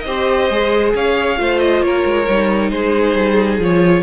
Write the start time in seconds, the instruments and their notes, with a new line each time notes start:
0.00 cello C4, violin C5 D#5
0.07 viola G4
0.49 cello G#3, viola G#4
0.94 cello C#4, violin C#5 F5
1.37 cello A3, viola F4, violin C5
1.60 violin D#5
1.81 cello A#3, violin A#4 C#5
2.05 cello G#3
2.28 cello G3, viola D#4
2.70 cello G#3, violin G#4 C5
3.14 cello G3
3.58 cello F3, viola F4, violin C#5